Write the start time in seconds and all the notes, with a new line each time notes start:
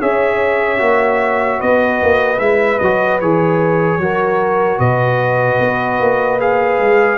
0.00 C#4 G#4 C#5 E5
0.78 A#3 F#4
1.59 B3 B4 D#5
2.02 A#3
2.39 G#3 E4 E5
2.79 F#3 F#4 D#5
3.21 E3 G#4 C#5
3.98 F#3 F#4 A#4
4.79 B2 B4 D#5
5.60 B3
6.00 A#3
6.40 G#4 F5
6.79 G#3